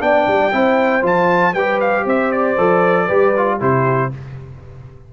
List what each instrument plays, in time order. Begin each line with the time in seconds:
0.00 tuba B3, trombone D4, horn D5, trumpet G5
0.28 tuba G3
0.52 tuba C4, trombone E4, horn C5
1.02 tuba F3, trombone F4, trumpet A5
1.55 tuba G3, trombone G4, horn B4, trumpet G5
1.81 trumpet F5
2.06 tuba C4, horn C5, trumpet E5
2.32 trumpet D5
2.58 tuba F3, trombone A4
3.07 tuba G3, trombone G4, horn B4
3.37 trombone F4
3.60 tuba C3, trombone E4, horn G4, trumpet C5